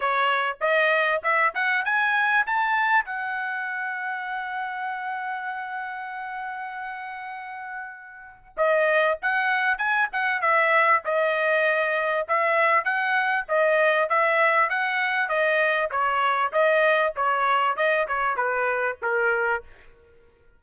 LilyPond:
\new Staff \with { instrumentName = "trumpet" } { \time 4/4 \tempo 4 = 98 cis''4 dis''4 e''8 fis''8 gis''4 | a''4 fis''2.~ | fis''1~ | fis''2 dis''4 fis''4 |
gis''8 fis''8 e''4 dis''2 | e''4 fis''4 dis''4 e''4 | fis''4 dis''4 cis''4 dis''4 | cis''4 dis''8 cis''8 b'4 ais'4 | }